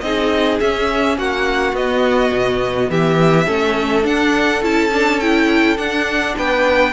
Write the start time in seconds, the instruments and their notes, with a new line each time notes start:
0.00 cello C4, viola D#4, violin G#4 D#5
0.60 viola C#4, cello C#4, violin E5
1.17 cello A#3, violin F#4 F#5
1.72 cello B3, viola B3, violin D#5
2.31 cello B2
2.90 cello E3, violin G4 E5
3.46 cello A3, viola C#4, violin A4
4.02 viola D4, cello D4, violin F#5
4.62 cello C#4, viola E4, violin A5
4.91 viola D4
5.20 viola E4, violin G5
5.77 viola D4, cello D4, violin F#5
6.37 cello B3, violin B4 G5